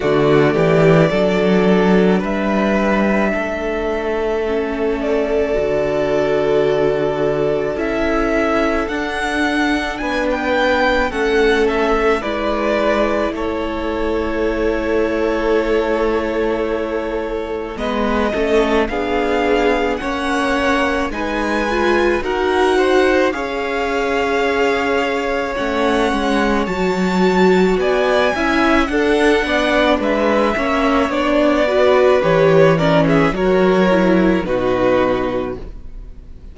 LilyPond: <<
  \new Staff \with { instrumentName = "violin" } { \time 4/4 \tempo 4 = 54 d''2 e''2~ | e''8 d''2~ d''8 e''4 | fis''4 gis''16 g''8. fis''8 e''8 d''4 | cis''1 |
dis''4 f''4 fis''4 gis''4 | fis''4 f''2 fis''4 | a''4 gis''4 fis''4 e''4 | d''4 cis''8 d''16 e''16 cis''4 b'4 | }
  \new Staff \with { instrumentName = "violin" } { \time 4/4 fis'8 g'8 a'4 b'4 a'4~ | a'1~ | a'4 b'4 a'4 b'4 | a'1 |
b'8 a'8 gis'4 cis''4 b'4 | ais'8 c''8 cis''2.~ | cis''4 d''8 e''8 a'8 d''8 b'8 cis''8~ | cis''8 b'4 ais'16 gis'16 ais'4 fis'4 | }
  \new Staff \with { instrumentName = "viola" } { \time 4/4 a4 d'2. | cis'4 fis'2 e'4 | d'2 cis'4 e'4~ | e'1 |
b8 cis'8 d'4 cis'4 dis'8 f'8 | fis'4 gis'2 cis'4 | fis'4. e'8 d'4. cis'8 | d'8 fis'8 g'8 cis'8 fis'8 e'8 dis'4 | }
  \new Staff \with { instrumentName = "cello" } { \time 4/4 d8 e8 fis4 g4 a4~ | a4 d2 cis'4 | d'4 b4 a4 gis4 | a1 |
gis8 a8 b4 ais4 gis4 | dis'4 cis'2 a8 gis8 | fis4 b8 cis'8 d'8 b8 gis8 ais8 | b4 e4 fis4 b,4 | }
>>